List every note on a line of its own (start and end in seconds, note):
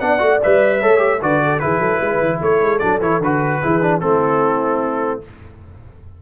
0.00 0.21 B3
0.00 0.19 D4
0.00 0.79 D5
0.00 0.40 F#5
0.19 0.41 A3
0.19 0.39 F#4
0.42 0.83 G3
0.42 0.82 B4
0.42 1.22 E5
0.79 1.22 A3
0.79 0.97 A4
0.79 1.19 C#5
0.97 1.17 G4
1.22 1.62 D3
1.22 1.60 F#4
1.22 1.42 B4
1.22 1.59 D5
1.44 1.62 A4
1.59 1.79 E3
1.59 2.80 E4
1.59 1.80 G#4
1.59 2.39 B4
1.79 1.99 F#3
1.79 2.00 A4
2.00 2.20 G#3
2.00 2.40 B4
2.20 2.40 E3
2.41 2.60 A3
2.41 3.61 A4
2.41 2.79 C#5
2.60 2.80 G#3
2.79 3.01 F#3
2.79 3.01 D4
2.79 2.99 D5
3.01 3.20 E3
3.01 3.21 E4
3.01 3.22 C#5
3.20 3.60 D3
3.20 3.62 F#4
3.20 4.00 B4
3.61 4.02 E3
3.61 3.81 E4
3.61 4.01 G#4
3.81 4.01 D4
4.00 5.22 A3
4.00 5.21 C4
4.00 5.21 E4
4.00 5.20 A4